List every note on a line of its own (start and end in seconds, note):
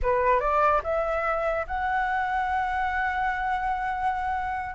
0.02 0.40 B4
0.40 0.81 D5
0.83 1.66 E5
1.67 4.75 F#5